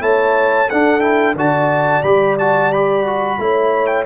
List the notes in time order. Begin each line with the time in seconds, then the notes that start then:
0.00 A3 E4 C#5 A5
0.69 D4 A4 F#5
1.01 E4 G5
1.35 D3 F#4 D5 A5
2.03 G3 G4 B5
2.39 F#4 A5
2.72 G4 B5
3.06 F#4
3.39 A3 E4 C#5
3.87 G5